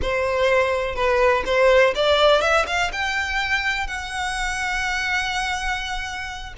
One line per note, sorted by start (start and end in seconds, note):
0.01 0.95 C5
0.95 1.43 B4
1.45 1.94 C5
1.95 2.41 D5
2.41 2.65 E5
2.67 2.91 F5
2.92 3.87 G5
3.87 6.53 F#5